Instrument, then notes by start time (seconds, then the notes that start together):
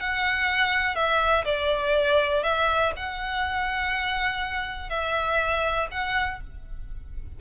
violin
0.00 F#5
0.95 E5
1.45 D5
2.43 E5
2.96 F#5
4.90 E5
5.91 F#5